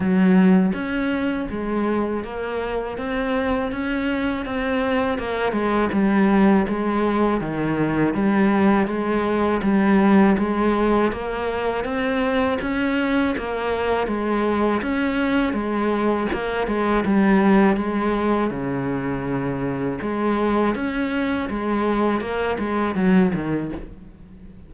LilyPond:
\new Staff \with { instrumentName = "cello" } { \time 4/4 \tempo 4 = 81 fis4 cis'4 gis4 ais4 | c'4 cis'4 c'4 ais8 gis8 | g4 gis4 dis4 g4 | gis4 g4 gis4 ais4 |
c'4 cis'4 ais4 gis4 | cis'4 gis4 ais8 gis8 g4 | gis4 cis2 gis4 | cis'4 gis4 ais8 gis8 fis8 dis8 | }